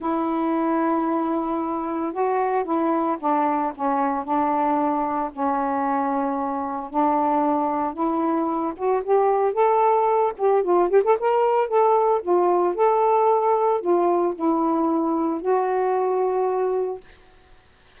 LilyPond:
\new Staff \with { instrumentName = "saxophone" } { \time 4/4 \tempo 4 = 113 e'1 | fis'4 e'4 d'4 cis'4 | d'2 cis'2~ | cis'4 d'2 e'4~ |
e'8 fis'8 g'4 a'4. g'8 | f'8 g'16 a'16 ais'4 a'4 f'4 | a'2 f'4 e'4~ | e'4 fis'2. | }